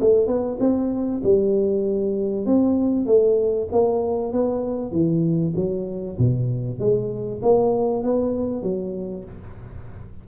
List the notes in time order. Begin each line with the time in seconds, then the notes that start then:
0.00 A3
0.26 B3
0.59 C4
1.23 G3
2.45 C4
3.06 A3
3.71 A#3
4.32 B3
4.92 E3
5.56 F#3
6.18 B2
6.79 G#3
7.42 A#3
8.03 B3
8.62 F#3